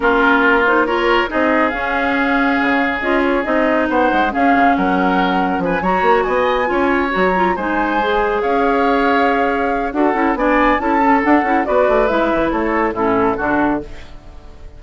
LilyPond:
<<
  \new Staff \with { instrumentName = "flute" } { \time 4/4 \tempo 4 = 139 ais'4. c''8 cis''4 dis''4 | f''2. dis''8 cis''8 | dis''4 fis''4 f''4 fis''4~ | fis''4 gis''8 ais''4 gis''4.~ |
gis''8 ais''4 gis''2 f''8~ | f''2. fis''4 | gis''4 a''4 fis''4 d''4 | e''4 cis''4 a'2 | }
  \new Staff \with { instrumentName = "oboe" } { \time 4/4 f'2 ais'4 gis'4~ | gis'1~ | gis'4 c''4 gis'4 ais'4~ | ais'4 b'8 cis''4 dis''4 cis''8~ |
cis''4. c''2 cis''8~ | cis''2. a'4 | d''4 a'2 b'4~ | b'4 a'4 e'4 fis'4 | }
  \new Staff \with { instrumentName = "clarinet" } { \time 4/4 cis'4. dis'8 f'4 dis'4 | cis'2. f'4 | dis'2 cis'2~ | cis'4. fis'2 f'8~ |
f'8 fis'8 f'8 dis'4 gis'4.~ | gis'2. fis'8 e'8 | d'4 e'8 cis'8 d'8 e'8 fis'4 | e'2 cis'4 d'4 | }
  \new Staff \with { instrumentName = "bassoon" } { \time 4/4 ais2. c'4 | cis'2 cis4 cis'4 | c'4 b8 gis8 cis'8 cis8 fis4~ | fis4 f8 fis8 ais8 b4 cis'8~ |
cis'8 fis4 gis2 cis'8~ | cis'2. d'8 cis'8 | b4 cis'4 d'8 cis'8 b8 a8 | gis8 e8 a4 a,4 d4 | }
>>